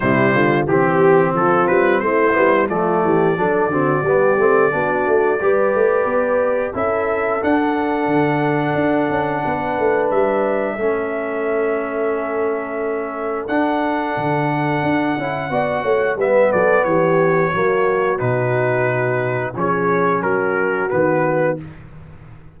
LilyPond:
<<
  \new Staff \with { instrumentName = "trumpet" } { \time 4/4 \tempo 4 = 89 c''4 g'4 a'8 b'8 c''4 | d''1~ | d''2 e''4 fis''4~ | fis''2. e''4~ |
e''1 | fis''1 | e''8 d''8 cis''2 b'4~ | b'4 cis''4 ais'4 b'4 | }
  \new Staff \with { instrumentName = "horn" } { \time 4/4 e'8 f'8 g'4 f'4 e'4 | f'8 g'8 a'8 fis'8 g'4 fis'4 | b'2 a'2~ | a'2 b'2 |
a'1~ | a'2. d''8 cis''8 | b'8 a'8 g'4 fis'2~ | fis'4 gis'4 fis'2 | }
  \new Staff \with { instrumentName = "trombone" } { \time 4/4 g4 c'2~ c'8 b8 | a4 d'8 c'8 b8 c'8 d'4 | g'2 e'4 d'4~ | d'1 |
cis'1 | d'2~ d'8 e'8 fis'4 | b2 ais4 dis'4~ | dis'4 cis'2 b4 | }
  \new Staff \with { instrumentName = "tuba" } { \time 4/4 c8 d8 e4 f8 g8 a8 g8 | f8 e8 fis8 d8 g8 a8 b8 a8 | g8 a8 b4 cis'4 d'4 | d4 d'8 cis'8 b8 a8 g4 |
a1 | d'4 d4 d'8 cis'8 b8 a8 | g8 fis8 e4 fis4 b,4~ | b,4 f4 fis4 dis4 | }
>>